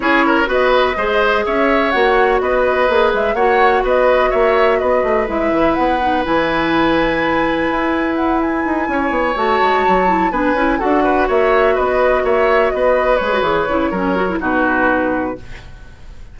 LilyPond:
<<
  \new Staff \with { instrumentName = "flute" } { \time 4/4 \tempo 4 = 125 cis''4 dis''2 e''4 | fis''4 dis''4. e''8 fis''4 | dis''4 e''4 dis''4 e''4 | fis''4 gis''2.~ |
gis''4 fis''8 gis''2 a''8~ | a''4. gis''4 fis''4 e''8~ | e''8 dis''4 e''4 dis''4 cis''8~ | cis''2 b'2 | }
  \new Staff \with { instrumentName = "oboe" } { \time 4/4 gis'8 ais'8 b'4 c''4 cis''4~ | cis''4 b'2 cis''4 | b'4 cis''4 b'2~ | b'1~ |
b'2~ b'8 cis''4.~ | cis''4. b'4 a'8 b'8 cis''8~ | cis''8 b'4 cis''4 b'4.~ | b'4 ais'4 fis'2 | }
  \new Staff \with { instrumentName = "clarinet" } { \time 4/4 e'4 fis'4 gis'2 | fis'2 gis'4 fis'4~ | fis'2. e'4~ | e'8 dis'8 e'2.~ |
e'2.~ e'8 fis'8~ | fis'4 e'8 d'8 e'8 fis'4.~ | fis'2.~ fis'8 gis'16 fis'16 | gis'8 e'8 cis'8 fis'16 e'16 dis'2 | }
  \new Staff \with { instrumentName = "bassoon" } { \time 4/4 cis'4 b4 gis4 cis'4 | ais4 b4 ais8 gis8 ais4 | b4 ais4 b8 a8 gis8 e8 | b4 e2. |
e'2 dis'8 cis'8 b8 a8 | gis8 fis4 b8 cis'8 d'4 ais8~ | ais8 b4 ais4 b4 gis8 | e8 cis8 fis4 b,2 | }
>>